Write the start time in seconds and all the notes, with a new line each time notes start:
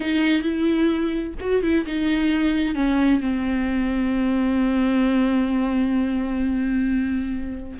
0.00 D#4
0.42 E4
1.40 F#4
1.62 E4
1.86 D#4
2.75 C#4
3.20 C4